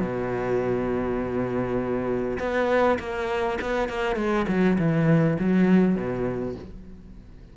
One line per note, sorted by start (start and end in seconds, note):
0.00 2.38 B2
2.39 2.98 B3
2.99 3.58 A#3
3.61 3.88 B3
3.88 4.16 A#3
4.16 4.46 G#3
4.47 4.77 F#3
4.78 5.37 E3
5.39 5.95 F#3
5.95 6.55 B2